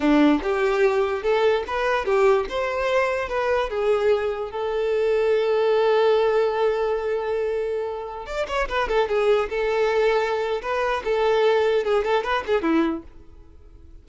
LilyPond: \new Staff \with { instrumentName = "violin" } { \time 4/4 \tempo 4 = 147 d'4 g'2 a'4 | b'4 g'4 c''2 | b'4 gis'2 a'4~ | a'1~ |
a'1~ | a'16 d''8 cis''8 b'8 a'8 gis'4 a'8.~ | a'2 b'4 a'4~ | a'4 gis'8 a'8 b'8 gis'8 e'4 | }